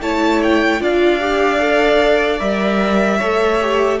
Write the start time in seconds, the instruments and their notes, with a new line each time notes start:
0.00 cello A3, viola E4, violin C#5 A5
0.42 violin G5
0.79 cello D4, viola F4, violin D5 F5
1.19 viola G4
1.59 viola A4
2.39 cello G3, viola A#4, violin E5
3.18 cello A3, viola A4, violin C#5
3.60 viola G4